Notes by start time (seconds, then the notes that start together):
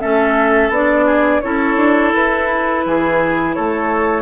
0.00 A3 C#4 A4 E5
0.69 B3 D4 D5
1.06 G#4
1.41 C#4 E4 A4 C#5
1.76 D4
2.14 E4 B4
2.85 E3 G#4
3.54 A3 A4 C#5